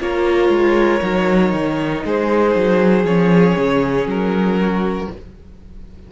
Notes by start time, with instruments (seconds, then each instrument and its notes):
0.00 cello A#3, viola F4, violin A#4 C#5
0.49 cello G#3
1.01 cello F#3, viola D#4
1.53 cello D#3
2.05 cello G#3, violin G#4 C5
2.55 cello F#3
3.04 cello F3, viola C#4, violin C#5
3.57 cello C#3
4.06 cello F#3, violin A#4
4.61 violin F#4